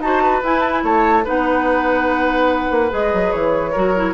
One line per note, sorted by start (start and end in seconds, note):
0.00 0.41 D#4
0.00 0.43 F#4
0.00 0.43 A5
0.06 0.23 C5
0.23 0.84 B4
0.43 0.84 E4
0.43 1.25 E4
0.43 0.60 G#5
0.60 0.71 A5
0.72 0.82 G#5
0.84 1.25 A3
0.84 1.25 C#5
0.84 1.27 A5
1.25 2.71 B3
1.25 2.90 D#4
1.25 3.72 B4
1.25 2.94 F#5
2.71 2.92 A#3
2.90 3.13 G#3
2.90 3.73 G#4
2.90 3.32 D#5
3.13 3.34 F#3
3.32 3.75 E3
3.32 4.14 C#5
3.72 4.14 F#3
3.72 3.95 F#4
3.72 4.14 A#4
3.96 4.14 E4